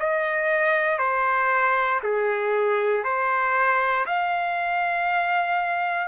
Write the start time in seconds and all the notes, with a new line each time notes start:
0.00 D#5
0.99 C5
2.03 G#4
3.04 C5
4.06 F5